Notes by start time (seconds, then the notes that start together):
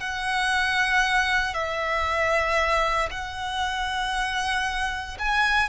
0.00 F#5
1.54 E5
3.11 F#5
5.19 G#5